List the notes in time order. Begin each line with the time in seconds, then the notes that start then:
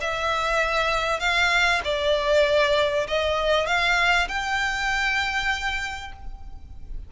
0.00 E5
1.19 F5
1.84 D5
3.07 D#5
3.66 F5
4.28 G5